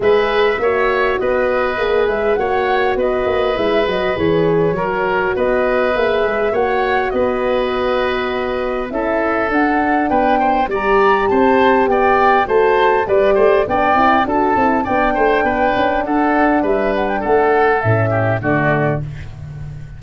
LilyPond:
<<
  \new Staff \with { instrumentName = "flute" } { \time 4/4 \tempo 4 = 101 e''2 dis''4. e''8 | fis''4 dis''4 e''8 dis''8 cis''4~ | cis''4 dis''4 e''4 fis''4 | dis''2. e''4 |
fis''4 g''4 ais''4 a''4 | g''4 a''4 d''4 g''4 | a''4 g''2 fis''4 | e''8 fis''16 g''16 fis''4 e''4 d''4 | }
  \new Staff \with { instrumentName = "oboe" } { \time 4/4 b'4 cis''4 b'2 | cis''4 b'2. | ais'4 b'2 cis''4 | b'2. a'4~ |
a'4 b'8 c''8 d''4 c''4 | d''4 c''4 b'8 c''8 d''4 | a'4 d''8 c''8 b'4 a'4 | b'4 a'4. g'8 fis'4 | }
  \new Staff \with { instrumentName = "horn" } { \time 4/4 gis'4 fis'2 gis'4 | fis'2 e'8 fis'8 gis'4 | fis'2 gis'4 fis'4~ | fis'2. e'4 |
d'2 g'2~ | g'4 fis'4 g'4 d'8 e'8 | fis'8 e'8 d'2.~ | d'2 cis'4 a4 | }
  \new Staff \with { instrumentName = "tuba" } { \time 4/4 gis4 ais4 b4 ais8 gis8 | ais4 b8 ais8 gis8 fis8 e4 | fis4 b4 ais8 gis8 ais4 | b2. cis'4 |
d'4 b4 g4 c'4 | b4 a4 g8 a8 b8 c'8 | d'8 c'8 b8 a8 b8 cis'8 d'4 | g4 a4 a,4 d4 | }
>>